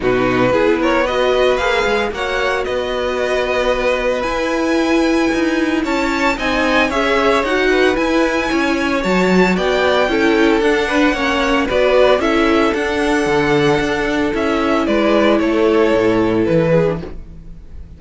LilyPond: <<
  \new Staff \with { instrumentName = "violin" } { \time 4/4 \tempo 4 = 113 b'4. cis''8 dis''4 f''4 | fis''4 dis''2. | gis''2. a''4 | gis''4 e''4 fis''4 gis''4~ |
gis''4 a''4 g''2 | fis''2 d''4 e''4 | fis''2. e''4 | d''4 cis''2 b'4 | }
  \new Staff \with { instrumentName = "violin" } { \time 4/4 fis'4 gis'8 ais'8 b'2 | cis''4 b'2.~ | b'2. cis''4 | dis''4 cis''4. b'4. |
cis''2 d''4 a'4~ | a'8 b'8 cis''4 b'4 a'4~ | a'1 | b'4 a'2~ a'8 gis'8 | }
  \new Staff \with { instrumentName = "viola" } { \time 4/4 dis'4 e'4 fis'4 gis'4 | fis'1 | e'1 | dis'4 gis'4 fis'4 e'4~ |
e'4 fis'2 e'4 | d'4 cis'4 fis'4 e'4 | d'2. e'4~ | e'2.~ e'8. d'16 | }
  \new Staff \with { instrumentName = "cello" } { \time 4/4 b,4 b2 ais8 gis8 | ais4 b2. | e'2 dis'4 cis'4 | c'4 cis'4 dis'4 e'4 |
cis'4 fis4 b4 cis'4 | d'4 ais4 b4 cis'4 | d'4 d4 d'4 cis'4 | gis4 a4 a,4 e4 | }
>>